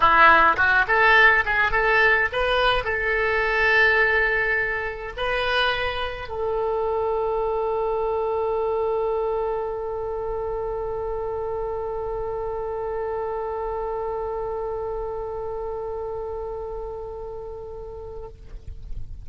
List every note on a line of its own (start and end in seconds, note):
0.00 0.56 E4
0.57 0.85 F#4
0.87 1.44 A4
1.45 1.71 G#4
1.71 2.28 A4
2.32 2.84 B4
2.84 5.12 A4
5.17 6.28 B4
6.28 18.28 A4